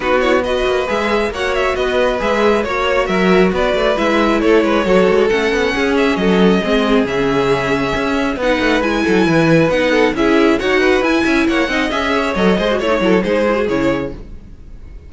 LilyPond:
<<
  \new Staff \with { instrumentName = "violin" } { \time 4/4 \tempo 4 = 136 b'8 cis''8 dis''4 e''4 fis''8 e''8 | dis''4 e''4 cis''4 e''4 | d''4 e''4 cis''2 | fis''4. e''8 dis''2 |
e''2. fis''4 | gis''2 fis''4 e''4 | fis''4 gis''4 fis''4 e''4 | dis''4 cis''4 c''4 cis''4 | }
  \new Staff \with { instrumentName = "violin" } { \time 4/4 fis'4 b'2 cis''4 | b'2 cis''4 ais'4 | b'2 a'8 b'8 a'4~ | a'4 gis'4 a'4 gis'4~ |
gis'2. b'4~ | b'8 a'8 b'4. a'8 gis'4 | cis''8 b'4 e''8 cis''8 dis''4 cis''8~ | cis''8 c''8 cis''8 a'8 gis'2 | }
  \new Staff \with { instrumentName = "viola" } { \time 4/4 dis'8 e'8 fis'4 gis'4 fis'4~ | fis'4 gis'4 fis'2~ | fis'4 e'2 fis'4 | cis'2. c'4 |
cis'2. dis'4 | e'2 dis'4 e'4 | fis'4 e'4. dis'8 gis'4 | a'8 gis'16 fis'16 e'16 dis'16 e'8 dis'8 e'16 fis'16 e'4 | }
  \new Staff \with { instrumentName = "cello" } { \time 4/4 b4. ais8 gis4 ais4 | b4 gis4 ais4 fis4 | b8 a8 gis4 a8 gis8 fis8 gis8 | a8 b8 cis'4 fis4 gis4 |
cis2 cis'4 b8 a8 | gis8 fis8 e4 b4 cis'4 | dis'4 e'8 cis'8 ais8 c'8 cis'4 | fis8 gis8 a8 fis8 gis4 cis4 | }
>>